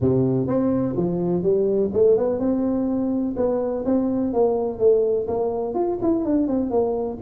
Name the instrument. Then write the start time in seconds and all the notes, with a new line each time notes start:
tuba
0.00 C3
0.47 C4
0.96 F3
1.42 G3
1.93 A3
2.17 B3
2.39 C4
3.36 B3
3.85 C4
4.33 A#3
4.78 A3
5.27 A#3
5.74 F4
6.01 E4
6.24 D4
6.47 C4
6.70 A#3